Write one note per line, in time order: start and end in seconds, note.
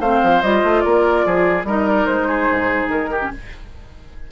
0.00 0.21 A3
0.00 0.43 C4
0.00 0.83 C5
0.00 0.42 F5
0.23 0.43 F3
0.42 0.63 G3
0.42 1.67 F4
0.42 0.81 D#5
0.63 0.84 A3
0.81 1.25 A#3
0.81 1.26 A#4
0.81 1.63 D5
1.25 1.63 F3
1.25 1.66 G#4
1.63 2.05 G3
1.63 3.21 D#4
1.63 2.27 A#4
1.63 1.88 D#5
1.88 2.06 D5
2.06 2.49 G#3
2.06 2.88 C5
2.27 3.10 G#4
2.51 2.88 G#2
2.88 3.29 D#3
2.88 3.31 A#4
3.11 3.31 G4
3.21 3.31 C#4